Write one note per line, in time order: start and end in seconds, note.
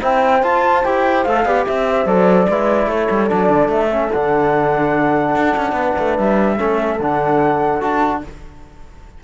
0.00 0.43 C4
0.00 0.42 E4
0.00 1.44 C5
0.00 0.44 G5
0.43 0.84 F4
0.43 0.85 A5
0.85 1.26 E4
0.85 1.27 G4
0.85 1.24 G5
1.24 1.45 A3
1.24 1.46 A4
1.24 1.65 F5
1.45 1.66 B3
1.45 2.07 G4
1.45 1.65 D5
1.67 2.06 C4
1.67 1.87 E5
1.67 2.07 E5
1.90 2.49 C5
2.06 2.47 F#3
2.06 2.48 A4
2.06 2.89 D5
2.48 2.87 G#3
2.48 3.29 E4
2.48 2.89 B4
2.87 3.08 A3
2.87 5.76 A4
2.87 3.29 C#5
3.11 3.31 G3
3.29 3.49 F#3
3.29 3.90 D4
3.29 3.70 D5
3.49 3.68 D3
3.68 4.09 A3
3.68 4.12 E5
3.91 4.12 C#4
4.12 5.36 D3
4.12 6.58 D4
4.12 6.18 F#5
5.36 5.56 D4
5.57 5.72 C#4
5.72 5.93 B3
5.72 6.57 B4
5.99 6.19 A3
6.18 6.60 G3
6.18 7.00 E5
6.57 6.99 A3
6.57 6.99 C#4
6.57 8.22 A4
6.99 7.82 D3
6.99 7.80 D4
6.99 7.83 F#5
7.80 8.23 D4
7.80 8.22 F#4
7.80 8.24 A5